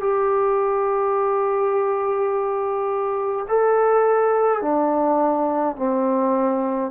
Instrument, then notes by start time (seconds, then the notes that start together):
trombone
0.00 G4
3.48 A4
4.62 D4
5.76 C4